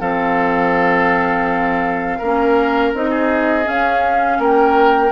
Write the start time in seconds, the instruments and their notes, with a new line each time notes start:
0.00 bassoon F3, clarinet C4, oboe A4, flute F5
2.19 bassoon A#3, clarinet C#4, oboe A#4
2.94 bassoon C4, clarinet D#4, flute D#5
3.10 oboe G#4
3.64 clarinet C#4, bassoon C#4, flute F5
4.39 bassoon A#3, oboe A#4, flute G5